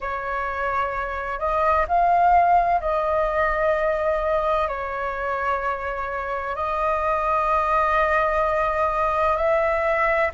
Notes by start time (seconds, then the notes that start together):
0.00 C#5
1.39 D#5
1.87 F5
2.80 D#5
4.67 C#5
6.55 D#5
9.37 E5